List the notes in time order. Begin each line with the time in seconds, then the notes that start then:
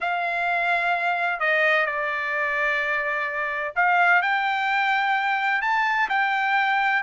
0.00 F5
1.40 D#5
1.86 D5
3.75 F5
4.22 G5
5.61 A5
6.09 G5